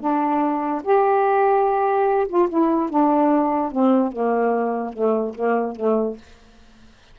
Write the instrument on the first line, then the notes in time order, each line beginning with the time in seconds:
saxophone
0.00 D4
0.83 G4
2.28 F4
2.49 E4
2.90 D4
3.72 C4
4.12 A#3
4.93 A3
5.35 A#3
5.76 A3